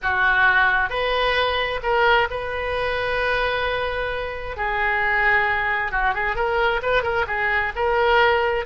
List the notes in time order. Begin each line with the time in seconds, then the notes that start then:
0.02 F#4
0.89 B4
1.82 A#4
2.30 B4
4.57 G#4
5.91 F#4
6.14 G#4
6.35 A#4
6.82 B4
7.02 A#4
7.27 G#4
7.75 A#4